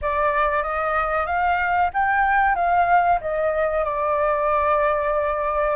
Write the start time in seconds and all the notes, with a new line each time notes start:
0.01 D5
0.62 D#5
1.26 F5
1.93 G5
2.55 F5
3.20 D#5
3.84 D5